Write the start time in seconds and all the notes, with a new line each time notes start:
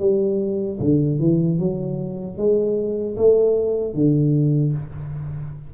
0.00 G3
0.80 D3
1.20 E3
1.59 F#3
2.38 G#3
3.17 A3
3.94 D3